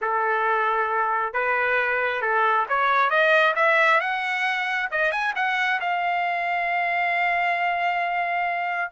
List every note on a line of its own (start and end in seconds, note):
0.01 1.33 A4
1.33 2.21 B4
2.21 2.66 A4
2.68 3.10 C#5
3.10 3.54 D#5
3.55 4.00 E5
4.00 4.89 F#5
4.91 5.11 D#5
5.11 5.33 G#5
5.35 5.80 F#5
5.80 8.91 F5